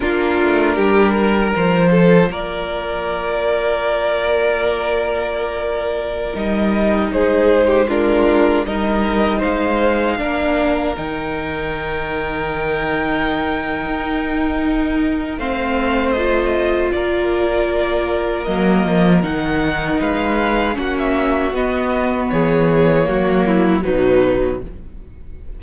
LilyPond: <<
  \new Staff \with { instrumentName = "violin" } { \time 4/4 \tempo 4 = 78 ais'2 c''4 d''4~ | d''1~ | d''16 dis''4 c''4 ais'4 dis''8.~ | dis''16 f''2 g''4.~ g''16~ |
g''1 | f''4 dis''4 d''2 | dis''4 fis''4 f''4 fis''16 e''8. | dis''4 cis''2 b'4 | }
  \new Staff \with { instrumentName = "violin" } { \time 4/4 f'4 g'8 ais'4 a'8 ais'4~ | ais'1~ | ais'4~ ais'16 gis'8. g'16 f'4 ais'8.~ | ais'16 c''4 ais'2~ ais'8.~ |
ais'1 | c''2 ais'2~ | ais'2 b'4 fis'4~ | fis'4 gis'4 fis'8 e'8 dis'4 | }
  \new Staff \with { instrumentName = "viola" } { \time 4/4 d'2 f'2~ | f'1~ | f'16 dis'2 d'4 dis'8.~ | dis'4~ dis'16 d'4 dis'4.~ dis'16~ |
dis'1 | c'4 f'2. | ais4 dis'2 cis'4 | b2 ais4 fis4 | }
  \new Staff \with { instrumentName = "cello" } { \time 4/4 ais8 a8 g4 f4 ais4~ | ais1~ | ais16 g4 gis2 g8.~ | g16 gis4 ais4 dis4.~ dis16~ |
dis2 dis'2 | a2 ais2 | fis8 f8 dis4 gis4 ais4 | b4 e4 fis4 b,4 | }
>>